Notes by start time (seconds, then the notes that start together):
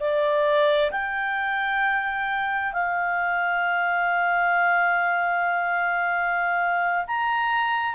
0.00 D5
0.91 G5
2.73 F5
7.07 A#5